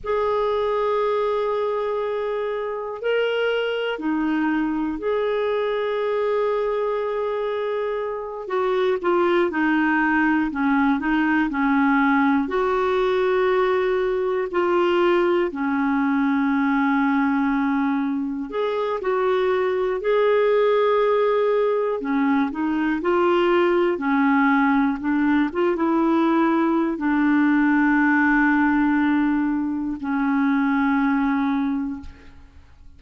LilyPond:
\new Staff \with { instrumentName = "clarinet" } { \time 4/4 \tempo 4 = 60 gis'2. ais'4 | dis'4 gis'2.~ | gis'8 fis'8 f'8 dis'4 cis'8 dis'8 cis'8~ | cis'8 fis'2 f'4 cis'8~ |
cis'2~ cis'8 gis'8 fis'4 | gis'2 cis'8 dis'8 f'4 | cis'4 d'8 f'16 e'4~ e'16 d'4~ | d'2 cis'2 | }